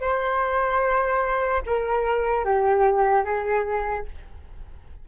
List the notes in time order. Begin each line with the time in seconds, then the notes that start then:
0.00 C5
1.66 A#4
2.45 G4
3.24 G#4